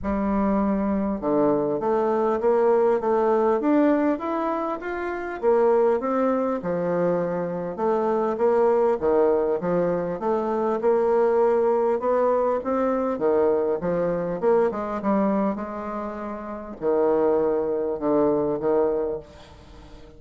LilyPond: \new Staff \with { instrumentName = "bassoon" } { \time 4/4 \tempo 4 = 100 g2 d4 a4 | ais4 a4 d'4 e'4 | f'4 ais4 c'4 f4~ | f4 a4 ais4 dis4 |
f4 a4 ais2 | b4 c'4 dis4 f4 | ais8 gis8 g4 gis2 | dis2 d4 dis4 | }